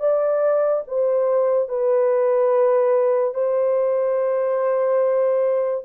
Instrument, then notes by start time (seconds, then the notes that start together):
horn
0.00 D5
0.87 C5
1.69 B4
3.34 C5